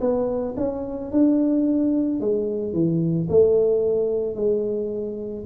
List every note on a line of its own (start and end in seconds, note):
0.00 0.55 B3
0.57 1.11 C#4
1.11 2.20 D4
2.20 2.73 G#3
2.73 3.28 E3
3.29 4.35 A3
4.35 5.44 G#3